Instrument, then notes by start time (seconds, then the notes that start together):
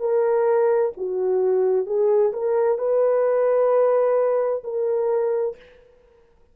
horn
0.00 A#4
0.97 F#4
1.86 G#4
2.33 A#4
2.79 B4
4.64 A#4